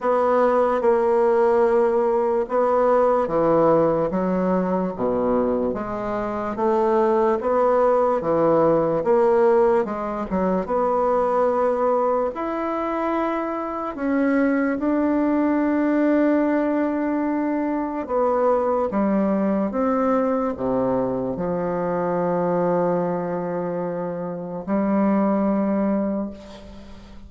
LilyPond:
\new Staff \with { instrumentName = "bassoon" } { \time 4/4 \tempo 4 = 73 b4 ais2 b4 | e4 fis4 b,4 gis4 | a4 b4 e4 ais4 | gis8 fis8 b2 e'4~ |
e'4 cis'4 d'2~ | d'2 b4 g4 | c'4 c4 f2~ | f2 g2 | }